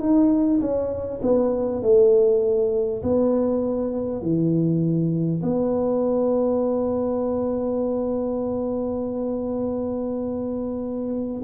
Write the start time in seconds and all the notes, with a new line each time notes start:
0.00 D#4
0.61 C#4
1.22 B3
1.82 A3
3.02 B3
4.22 E3
5.42 B3